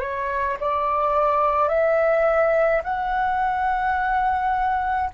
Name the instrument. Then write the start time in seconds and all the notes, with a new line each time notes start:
flute
0.00 C#5
0.60 D5
1.68 E5
2.84 F#5